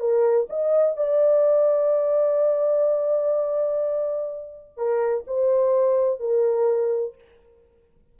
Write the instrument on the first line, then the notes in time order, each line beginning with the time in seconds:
horn
0.00 A#4
0.50 D#5
0.97 D5
4.77 A#4
5.27 C5
6.20 A#4